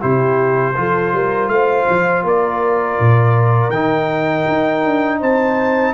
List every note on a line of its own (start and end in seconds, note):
0.00 0.77 C3
0.00 0.75 E4
0.00 0.74 G4
0.00 1.48 C5
0.76 1.13 F3
0.76 3.72 F4
0.76 1.15 A4
1.13 1.48 G3
1.13 1.51 A#4
1.48 1.85 A3
1.48 2.25 C5
1.48 2.23 F5
1.89 2.24 F3
2.24 2.98 A#3
2.24 5.19 A#4
2.24 3.70 D5
3.00 3.69 A#2
3.69 4.44 D#3
3.69 5.94 D#4
3.69 5.18 G5
4.48 4.85 D#4
4.85 5.22 D4
5.19 5.94 C4
5.19 5.94 C5
5.19 5.94 A5